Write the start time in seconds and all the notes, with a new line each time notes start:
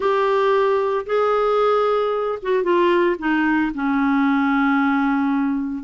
0.00 G4
1.05 G#4
2.42 F#4
2.63 F4
3.19 D#4
3.74 C#4